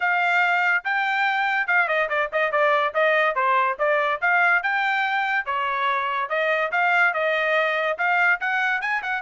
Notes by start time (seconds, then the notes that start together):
0.00 F5
0.84 G5
1.67 F5
1.88 D#5
2.09 D5
2.32 D#5
2.51 D5
2.94 D#5
3.35 C5
3.79 D5
4.21 F5
4.62 G5
5.45 C#5
6.29 D#5
6.71 F5
7.13 D#5
7.98 F5
8.40 F#5
8.81 G#5
9.02 F#5